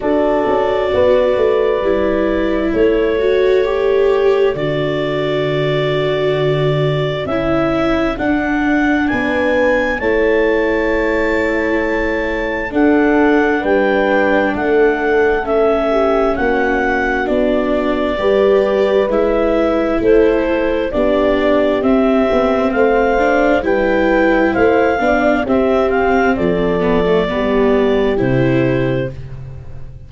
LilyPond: <<
  \new Staff \with { instrumentName = "clarinet" } { \time 4/4 \tempo 4 = 66 d''2. cis''4~ | cis''4 d''2. | e''4 fis''4 gis''4 a''4~ | a''2 fis''4 g''4 |
fis''4 e''4 fis''4 d''4~ | d''4 e''4 c''4 d''4 | e''4 f''4 g''4 f''4 | e''8 f''8 d''2 c''4 | }
  \new Staff \with { instrumentName = "horn" } { \time 4/4 a'4 b'2 a'4~ | a'1~ | a'2 b'4 cis''4~ | cis''2 a'4 b'4 |
a'4. g'8 fis'2 | b'2 a'4 g'4~ | g'4 c''4 b'4 c''8 d''8 | g'4 a'4 g'2 | }
  \new Staff \with { instrumentName = "viola" } { \time 4/4 fis'2 e'4. fis'8 | g'4 fis'2. | e'4 d'2 e'4~ | e'2 d'2~ |
d'4 cis'2 d'4 | g'4 e'2 d'4 | c'4. d'8 e'4. d'8 | c'4. b16 a16 b4 e'4 | }
  \new Staff \with { instrumentName = "tuba" } { \time 4/4 d'8 cis'8 b8 a8 g4 a4~ | a4 d2. | cis'4 d'4 b4 a4~ | a2 d'4 g4 |
a2 ais4 b4 | g4 gis4 a4 b4 | c'8 b8 a4 g4 a8 b8 | c'4 f4 g4 c4 | }
>>